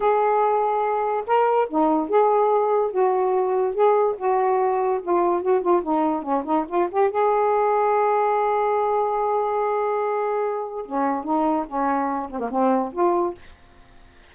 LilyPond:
\new Staff \with { instrumentName = "saxophone" } { \time 4/4 \tempo 4 = 144 gis'2. ais'4 | dis'4 gis'2 fis'4~ | fis'4 gis'4 fis'2 | f'4 fis'8 f'8 dis'4 cis'8 dis'8 |
f'8 g'8 gis'2.~ | gis'1~ | gis'2 cis'4 dis'4 | cis'4. c'16 ais16 c'4 f'4 | }